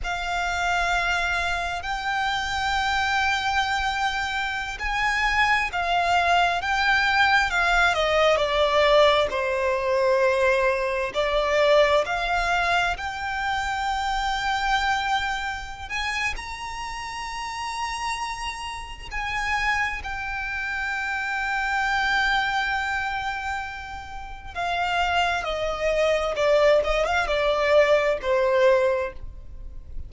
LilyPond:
\new Staff \with { instrumentName = "violin" } { \time 4/4 \tempo 4 = 66 f''2 g''2~ | g''4~ g''16 gis''4 f''4 g''8.~ | g''16 f''8 dis''8 d''4 c''4.~ c''16~ | c''16 d''4 f''4 g''4.~ g''16~ |
g''4. gis''8 ais''2~ | ais''4 gis''4 g''2~ | g''2. f''4 | dis''4 d''8 dis''16 f''16 d''4 c''4 | }